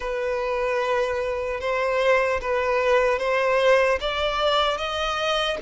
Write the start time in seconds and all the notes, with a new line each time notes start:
0.00 B4
1.60 C5
2.41 B4
3.18 C5
4.00 D5
4.77 D#5